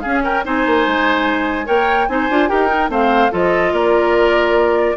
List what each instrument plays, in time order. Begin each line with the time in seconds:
0.00 bassoon C#4, clarinet C#4, oboe G#4, flute F5
0.24 oboe A#4, flute G5
0.44 bassoon C4, clarinet D#4, oboe C5, flute G#5
0.66 bassoon A#3
0.87 bassoon G#3
1.66 bassoon A#3, clarinet A#4, oboe C#5, flute G5
2.08 bassoon C4, clarinet D#4, oboe C5, flute G#5
2.30 bassoon D4, clarinet F4
2.48 bassoon D#4, clarinet G4, oboe A#4, flute G5
2.68 clarinet D#4
2.89 bassoon A3, clarinet C4, oboe C5, flute F5
3.32 bassoon F3, clarinet F4, oboe A4, flute D#5
3.72 bassoon A#3, oboe A#4, flute D5